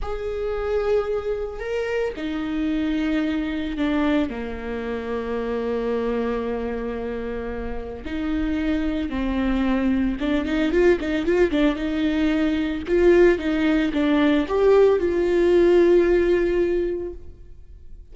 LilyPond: \new Staff \with { instrumentName = "viola" } { \time 4/4 \tempo 4 = 112 gis'2. ais'4 | dis'2. d'4 | ais1~ | ais2. dis'4~ |
dis'4 c'2 d'8 dis'8 | f'8 dis'8 f'8 d'8 dis'2 | f'4 dis'4 d'4 g'4 | f'1 | }